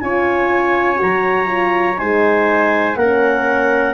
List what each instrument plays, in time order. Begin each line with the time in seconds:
0.00 tuba C#4, horn F4, trumpet C#5, clarinet G#5
0.97 tuba F#3, horn F#4, clarinet A#5
1.46 horn F4
1.98 tuba G#3, horn D#4, trumpet C5, clarinet G#5
2.95 tuba A#3, horn C#4, trumpet A#4, clarinet F#5